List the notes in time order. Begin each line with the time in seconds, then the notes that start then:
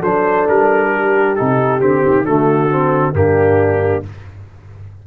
0.00 F#3 D4 A4 C5
0.48 G3 A#4
0.92 G4
1.35 C3 D#4 A4
1.79 D3 C4 G4
2.05 D#3
2.24 D3 A3 F#4 A4
2.69 C4
3.13 G2 A#3 D4 G4